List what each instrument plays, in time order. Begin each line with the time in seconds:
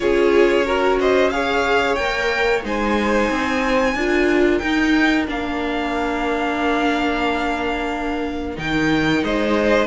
0.00 cello C#4, viola F4, violin G#4 C#5
0.65 viola F#4, violin A#4
0.99 violin C5 D#5
1.30 viola G#4, violin C#5 F5
1.95 cello A#3, viola A#4, violin G5
2.62 cello G#3, viola D#4, violin C5 G#5
3.30 cello C4
3.95 cello D4, viola F4, violin A#4
4.57 viola D#4, cello D#4, violin G5
5.27 cello A#3, viola D4, violin F5
8.56 cello D#3, viola D#4, violin G5
9.23 cello G#3, violin C5 D#5